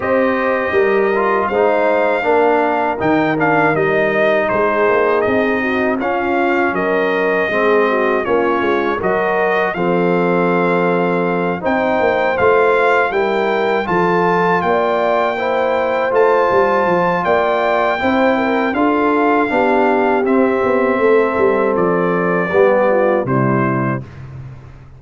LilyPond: <<
  \new Staff \with { instrumentName = "trumpet" } { \time 4/4 \tempo 4 = 80 dis''2 f''2 | g''8 f''8 dis''4 c''4 dis''4 | f''4 dis''2 cis''4 | dis''4 f''2~ f''8 g''8~ |
g''8 f''4 g''4 a''4 g''8~ | g''4. a''4. g''4~ | g''4 f''2 e''4~ | e''4 d''2 c''4 | }
  \new Staff \with { instrumentName = "horn" } { \time 4/4 c''4 ais'4 c''4 ais'4~ | ais'2 gis'4. fis'8 | f'4 ais'4 gis'8 fis'8 f'4 | ais'4 a'2~ a'8 c''8~ |
c''4. ais'4 a'4 d''8~ | d''8 c''2~ c''8 d''4 | c''8 ais'8 a'4 g'2 | a'2 g'8 f'8 e'4 | }
  \new Staff \with { instrumentName = "trombone" } { \time 4/4 g'4. f'8 dis'4 d'4 | dis'8 d'8 dis'2. | cis'2 c'4 cis'4 | fis'4 c'2~ c'8 dis'8~ |
dis'8 f'4 e'4 f'4.~ | f'8 e'4 f'2~ f'8 | e'4 f'4 d'4 c'4~ | c'2 b4 g4 | }
  \new Staff \with { instrumentName = "tuba" } { \time 4/4 c'4 g4 gis4 ais4 | dis4 g4 gis8 ais8 c'4 | cis'4 fis4 gis4 ais8 gis8 | fis4 f2~ f8 c'8 |
ais8 a4 g4 f4 ais8~ | ais4. a8 g8 f8 ais4 | c'4 d'4 b4 c'8 b8 | a8 g8 f4 g4 c4 | }
>>